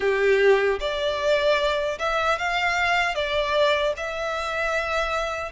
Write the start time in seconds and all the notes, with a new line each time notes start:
0.00 G4
0.80 D5
1.98 E5
2.38 F5
3.14 D5
3.96 E5